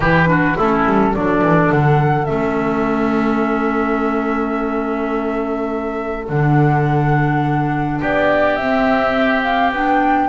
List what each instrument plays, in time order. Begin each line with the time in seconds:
0.00 double bass E3, clarinet E4, oboe G4, flute B4
0.26 clarinet D4, oboe F#4
0.57 double bass A3, clarinet C#4, oboe E4, flute A4
0.85 double bass G3
1.14 double bass F#3, clarinet D4, oboe A4, flute D5
1.41 double bass E3
1.71 double bass D3, flute F#5
2.25 double bass A3, clarinet C#4, flute E5
6.28 double bass D3, clarinet D4, flute F#5
7.99 double bass B3, oboe G4, flute D5
8.55 double bass C4, clarinet C4, flute E5
9.42 flute F5
9.72 double bass B3, clarinet D4, flute G5